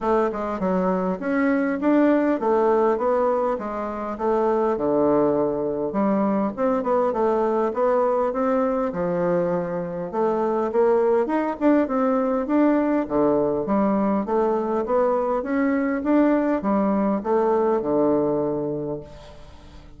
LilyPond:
\new Staff \with { instrumentName = "bassoon" } { \time 4/4 \tempo 4 = 101 a8 gis8 fis4 cis'4 d'4 | a4 b4 gis4 a4 | d2 g4 c'8 b8 | a4 b4 c'4 f4~ |
f4 a4 ais4 dis'8 d'8 | c'4 d'4 d4 g4 | a4 b4 cis'4 d'4 | g4 a4 d2 | }